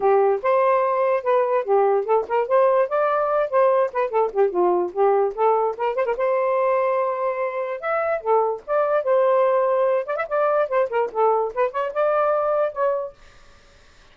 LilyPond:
\new Staff \with { instrumentName = "saxophone" } { \time 4/4 \tempo 4 = 146 g'4 c''2 b'4 | g'4 a'8 ais'8 c''4 d''4~ | d''8 c''4 b'8 a'8 g'8 f'4 | g'4 a'4 ais'8 c''16 ais'16 c''4~ |
c''2. e''4 | a'4 d''4 c''2~ | c''8 d''16 e''16 d''4 c''8 ais'8 a'4 | b'8 cis''8 d''2 cis''4 | }